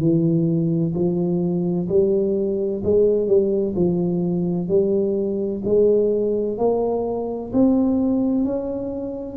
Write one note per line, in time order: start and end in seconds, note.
0.00 0.94 E3
0.95 1.89 F3
1.89 2.83 G3
2.84 3.28 G#3
3.28 3.75 G3
3.76 4.69 F3
4.69 5.62 G3
5.65 6.58 G#3
6.58 7.52 A#3
7.53 8.45 C4
8.45 9.37 C#4